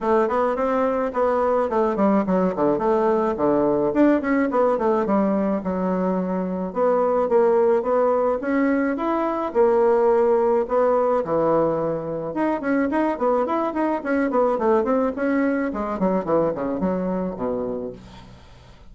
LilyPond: \new Staff \with { instrumentName = "bassoon" } { \time 4/4 \tempo 4 = 107 a8 b8 c'4 b4 a8 g8 | fis8 d8 a4 d4 d'8 cis'8 | b8 a8 g4 fis2 | b4 ais4 b4 cis'4 |
e'4 ais2 b4 | e2 dis'8 cis'8 dis'8 b8 | e'8 dis'8 cis'8 b8 a8 c'8 cis'4 | gis8 fis8 e8 cis8 fis4 b,4 | }